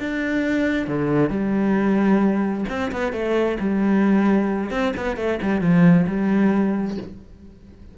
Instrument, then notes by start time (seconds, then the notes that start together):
cello
0.00 D4
0.88 D3
1.30 G3
2.69 C4
2.92 B3
3.13 A3
3.60 G3
4.71 C4
4.97 B3
5.17 A3
5.43 G3
5.61 F3
6.07 G3